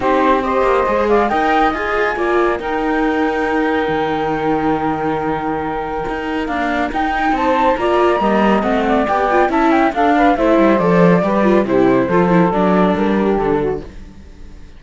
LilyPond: <<
  \new Staff \with { instrumentName = "flute" } { \time 4/4 \tempo 4 = 139 c''4 dis''4. f''8 g''4 | gis''2 g''2~ | g''1~ | g''2. f''4 |
g''4 a''4 ais''2 | fis''4 g''4 a''8 g''8 f''4 | e''4 d''2 c''4~ | c''4 d''4 ais'4 a'4 | }
  \new Staff \with { instrumentName = "saxophone" } { \time 4/4 g'4 c''4. d''8 dis''4~ | dis''4 d''4 ais'2~ | ais'1~ | ais'1~ |
ais'4 c''4 d''4 dis''4~ | dis''8 d''4. e''4 a'8 b'8 | c''2 b'4 g'4 | a'2~ a'8 g'4 fis'8 | }
  \new Staff \with { instrumentName = "viola" } { \time 4/4 dis'4 g'4 gis'4 ais'4 | gis'4 f'4 dis'2~ | dis'1~ | dis'2. ais4 |
dis'2 f'4 ais4 | c'4 g'8 f'8 e'4 d'4 | e'4 a'4 g'8 f'8 e'4 | f'8 e'8 d'2. | }
  \new Staff \with { instrumentName = "cello" } { \time 4/4 c'4. ais8 gis4 dis'4 | f'4 ais4 dis'2~ | dis'4 dis2.~ | dis2 dis'4 d'4 |
dis'4 c'4 ais4 g4 | a4 b4 cis'4 d'4 | a8 g8 f4 g4 c4 | f4 fis4 g4 d4 | }
>>